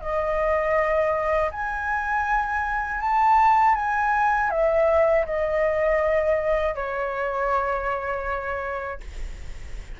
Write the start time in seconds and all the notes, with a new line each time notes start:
0.00 D#5
1.51 G#5
3.00 A5
3.75 G#5
4.50 E5
5.25 D#5
6.75 C#5